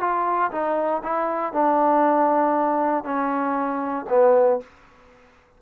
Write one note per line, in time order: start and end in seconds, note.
0.00 0.51 F4
0.51 1.02 D#4
1.03 1.53 E4
1.53 3.04 D4
3.04 4.06 C#4
4.09 4.60 B3